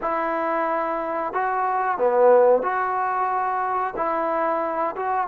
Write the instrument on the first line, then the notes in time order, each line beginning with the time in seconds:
trombone
0.01 E4
1.33 F#4
1.98 B3
2.62 F#4
3.96 E4
4.95 F#4